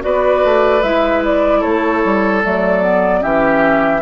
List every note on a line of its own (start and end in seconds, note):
0.00 0.44 B3
0.00 0.80 F#4
0.00 1.60 B4
0.00 0.82 D5
0.44 0.83 A3
0.82 1.63 G#3
0.82 2.43 E4
0.82 1.22 E5
1.24 1.62 D5
1.60 2.04 A3
1.60 3.20 A4
1.60 2.42 C#5
2.04 2.44 G3
2.43 3.23 F#3
2.43 2.81 A3
2.43 3.22 D5
2.81 3.21 B3
3.21 4.02 E3
3.21 4.01 C#4
3.21 4.01 G4
3.21 4.02 E5